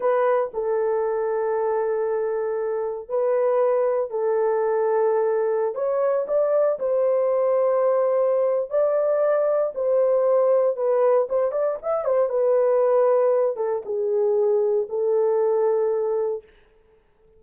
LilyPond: \new Staff \with { instrumentName = "horn" } { \time 4/4 \tempo 4 = 117 b'4 a'2.~ | a'2 b'2 | a'2.~ a'16 cis''8.~ | cis''16 d''4 c''2~ c''8.~ |
c''4 d''2 c''4~ | c''4 b'4 c''8 d''8 e''8 c''8 | b'2~ b'8 a'8 gis'4~ | gis'4 a'2. | }